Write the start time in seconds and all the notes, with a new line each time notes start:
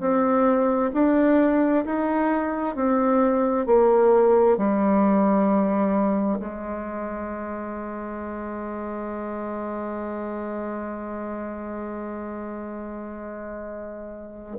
0.00 C4
0.93 D4
1.85 D#4
2.75 C4
3.66 A#3
4.57 G3
6.39 G#3